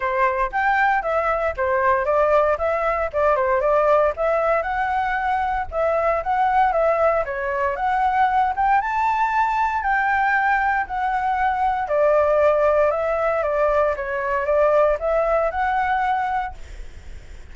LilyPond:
\new Staff \with { instrumentName = "flute" } { \time 4/4 \tempo 4 = 116 c''4 g''4 e''4 c''4 | d''4 e''4 d''8 c''8 d''4 | e''4 fis''2 e''4 | fis''4 e''4 cis''4 fis''4~ |
fis''8 g''8 a''2 g''4~ | g''4 fis''2 d''4~ | d''4 e''4 d''4 cis''4 | d''4 e''4 fis''2 | }